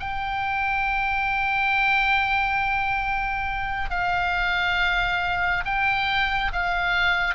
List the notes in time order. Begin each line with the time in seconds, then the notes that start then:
0.00 G5
3.91 F5
5.65 G5
6.53 F5